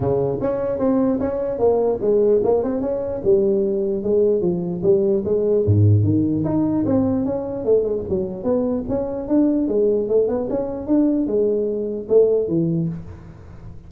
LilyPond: \new Staff \with { instrumentName = "tuba" } { \time 4/4 \tempo 4 = 149 cis4 cis'4 c'4 cis'4 | ais4 gis4 ais8 c'8 cis'4 | g2 gis4 f4 | g4 gis4 gis,4 dis4 |
dis'4 c'4 cis'4 a8 gis8 | fis4 b4 cis'4 d'4 | gis4 a8 b8 cis'4 d'4 | gis2 a4 e4 | }